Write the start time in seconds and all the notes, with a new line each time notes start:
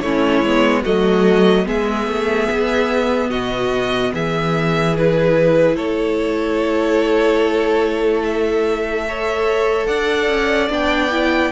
0.00 A3 C#4 E4 C#5
0.42 G#3 B3
0.82 F#3 A3 F#4 D#5
1.65 G#3 B3 G#4 E5
2.07 A3
2.51 B3
3.30 B2 F#4 D#5
4.13 E3 G#4 E5
4.97 E4 B4
5.76 A3 A4 C#5
8.24 E5
9.08 A4 C#5
9.86 D4 D5 F#5
10.29 C#4
10.70 B3 D4 G5
11.11 E4